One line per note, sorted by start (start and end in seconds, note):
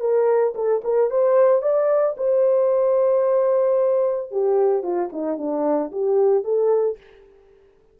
0.00 0.54 A#4
0.55 0.81 A4
0.84 1.10 A#4
1.10 1.62 C5
1.62 2.15 D5
2.17 4.31 C5
4.31 4.83 G4
4.83 5.09 F4
5.12 5.38 D#4
5.38 5.91 D4
5.92 6.44 G4
6.44 6.98 A4